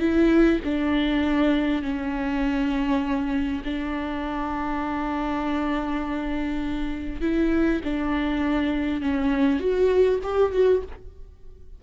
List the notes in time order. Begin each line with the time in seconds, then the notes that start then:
0.00 E4
0.65 D4
1.83 C#4
3.65 D4
7.22 E4
7.84 D4
9.02 C#4
9.60 F#4
10.24 G4
10.53 F#4